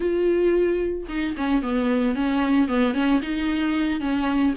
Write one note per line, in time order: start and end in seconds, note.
0.00 1.06 F4
1.08 1.35 D#4
1.37 1.62 C#4
1.62 2.15 B3
2.15 2.68 C#4
2.68 2.94 B3
2.94 3.20 C#4
3.22 4.00 D#4
4.00 4.54 C#4